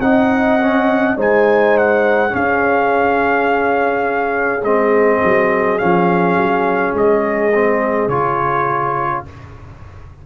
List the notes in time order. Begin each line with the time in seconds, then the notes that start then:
0.00 C4 D#4 D#5 F#5
0.60 C#4
1.17 G#3 D#4 C5 G#5
1.78 F#5
2.30 C#4 G#4 F5
4.62 G#3 C4 D#5
5.24 F#3
5.78 F3 C#4 F5
6.36 F#3
6.94 G#3 D#5
7.54 C4
8.08 C#3 F4 C#5